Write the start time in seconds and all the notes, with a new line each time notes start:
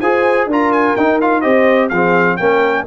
0.00 F4 G#4 C5 G#5
0.46 D4 F4 A#4 A#5
0.72 G#5
0.96 D#4 G5
1.21 F4 F5
1.41 C4 G4 C5 D#5
1.89 F3 C4 G#4 F5
2.37 A#3 C#4 A#4 G5